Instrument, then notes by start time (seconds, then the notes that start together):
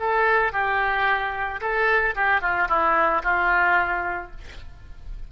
oboe
0.00 A4
0.53 G4
1.61 A4
2.15 G4
2.41 F4
2.69 E4
3.23 F4